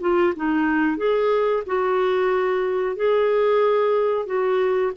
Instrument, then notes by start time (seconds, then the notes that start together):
clarinet
0.00 F4
0.35 D#4
0.97 G#4
1.66 F#4
2.96 G#4
4.26 F#4